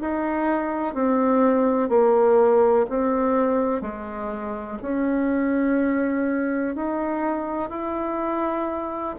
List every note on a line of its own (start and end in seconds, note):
0.00 0.94 D#4
0.94 1.89 C4
1.89 2.85 A#3
2.89 3.81 C4
3.81 4.78 G#3
4.81 6.75 C#4
6.75 7.69 D#4
7.69 9.15 E4